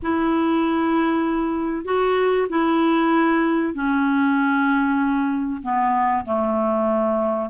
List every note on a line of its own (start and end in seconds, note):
0.02 1.84 E4
1.84 2.47 F#4
2.49 3.74 E4
3.74 5.61 C#4
5.62 6.24 B3
6.25 7.49 A3